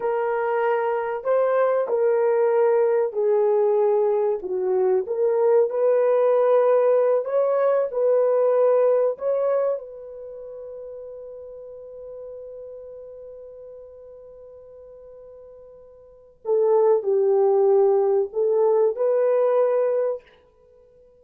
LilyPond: \new Staff \with { instrumentName = "horn" } { \time 4/4 \tempo 4 = 95 ais'2 c''4 ais'4~ | ais'4 gis'2 fis'4 | ais'4 b'2~ b'8 cis''8~ | cis''8 b'2 cis''4 b'8~ |
b'1~ | b'1~ | b'2 a'4 g'4~ | g'4 a'4 b'2 | }